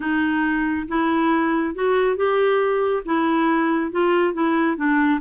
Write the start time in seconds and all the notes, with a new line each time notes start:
0.00 D#4
0.87 E4
1.74 F#4
2.16 G4
3.05 E4
3.91 F4
4.33 E4
4.76 D4